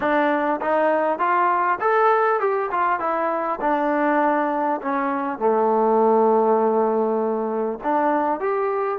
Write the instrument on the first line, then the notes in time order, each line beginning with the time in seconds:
trombone
0.00 D4
0.61 D#4
1.18 F4
1.80 A4
2.39 G4
2.71 F4
2.99 E4
3.61 D4
4.81 C#4
5.38 A3
7.83 D4
8.40 G4